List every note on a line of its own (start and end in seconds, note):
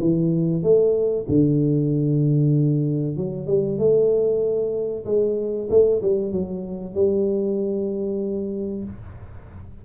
0.00 0.63 E3
0.63 1.27 A3
1.29 3.17 D3
3.17 3.47 F#3
3.47 3.79 G3
3.79 5.05 A3
5.06 5.69 G#3
5.70 6.02 A3
6.03 6.32 G3
6.32 6.95 F#3
6.95 8.84 G3